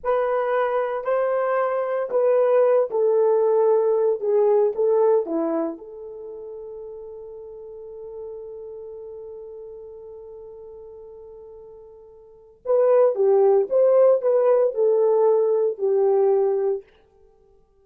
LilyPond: \new Staff \with { instrumentName = "horn" } { \time 4/4 \tempo 4 = 114 b'2 c''2 | b'4. a'2~ a'8 | gis'4 a'4 e'4 a'4~ | a'1~ |
a'1~ | a'1 | b'4 g'4 c''4 b'4 | a'2 g'2 | }